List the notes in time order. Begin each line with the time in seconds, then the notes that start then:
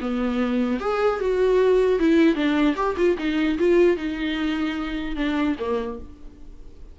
0.00 B3
0.80 G#4
1.19 F#4
1.99 E4
2.35 D4
2.75 G4
2.96 F4
3.17 D#4
3.58 F4
3.97 D#4
5.15 D4
5.59 A#3